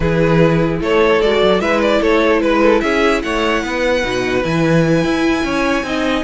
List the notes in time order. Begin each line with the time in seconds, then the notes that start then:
0.00 E3 E4 G#4 B4
0.80 A3 A4 C#5
1.21 G#3 F#4 D5
1.42 F#3
1.60 G#3 E4 B4 E5
1.81 D5
2.00 A3 A4 C#5
2.41 G#3 B4
2.62 A4
2.81 C#4 G#4 E5
3.22 A3 C#5 F#5
3.62 B3 B4
4.03 B2 D#4
4.43 E3 E4 G#5
5.03 E4
5.43 C#4 C#5
5.82 C4 D#4 D#5